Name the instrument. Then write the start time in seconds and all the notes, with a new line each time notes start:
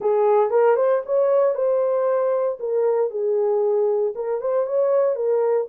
horn
0.00 G#4
0.50 A#4
0.76 C5
1.05 C#5
1.54 C5
2.59 A#4
3.10 G#4
4.15 A#4
4.40 C5
4.66 C#5
5.15 A#4